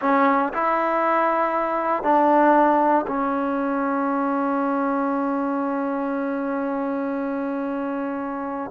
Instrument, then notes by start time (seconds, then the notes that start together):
trombone
0.01 C#4
0.53 E4
2.03 D4
3.07 C#4